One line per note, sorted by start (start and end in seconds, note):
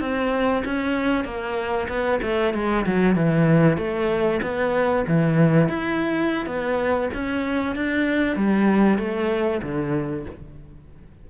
0.00 0.63 C4
0.65 1.24 C#4
1.24 1.87 A#3
1.88 2.20 B3
2.22 2.53 A3
2.54 2.85 G#3
2.86 3.15 F#3
3.15 3.77 E3
3.77 4.40 A3
4.42 5.05 B3
5.07 5.68 E3
5.68 6.46 E4
6.46 7.09 B3
7.14 7.75 C#4
7.75 8.36 D4
8.36 8.98 G3
8.98 9.61 A3
9.62 10.25 D3